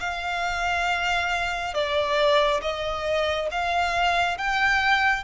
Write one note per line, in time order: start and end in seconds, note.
0.00 1.74 F5
1.74 2.61 D5
2.62 3.49 D#5
3.51 4.38 F5
4.38 5.24 G5